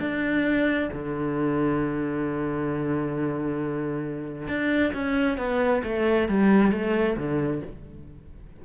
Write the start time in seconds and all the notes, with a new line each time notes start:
0.00 D4
0.93 D3
4.49 D4
4.94 C#4
5.38 B3
5.84 A3
6.29 G3
6.72 A3
7.17 D3